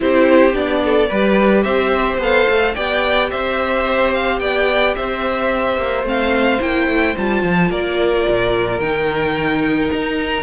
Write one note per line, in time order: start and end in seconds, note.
0.00 0.53 C4
0.00 0.52 E4
0.00 0.83 G4
0.00 0.55 C5
0.52 1.08 B3
0.52 1.07 D4
0.52 1.62 D5
0.85 1.08 A4
1.08 1.64 G3
1.08 2.21 G4
1.08 1.63 B4
1.62 2.17 C4
1.62 2.74 C5
1.62 2.17 E5
2.17 2.45 B3
2.17 2.76 A4
2.17 2.75 F5
2.48 2.75 A3
2.75 3.31 B3
2.75 6.04 G4
2.75 3.30 D5
2.75 3.30 G5
3.30 4.39 C4
3.30 4.40 C5
3.30 4.13 E5
4.14 4.39 F5
4.39 4.94 B3
4.39 4.95 D5
4.39 4.94 G5
4.95 5.77 C4
4.95 7.70 C5
4.95 6.05 E5
5.77 6.03 A#3
6.03 6.58 A3
6.03 6.59 C4
6.03 6.61 F5
6.61 6.87 A#3
6.61 7.16 E4
6.61 7.16 G5
6.87 7.15 A3
7.16 7.42 G3
7.16 8.81 F4
7.16 7.71 A5
7.42 7.69 F3
7.69 8.25 A#3
7.69 10.42 A#4
7.69 8.79 D5
8.28 8.79 A#2
8.79 9.89 D#3
8.79 10.42 D#4
8.79 9.89 G5
9.90 10.42 D#4
9.90 10.42 A#5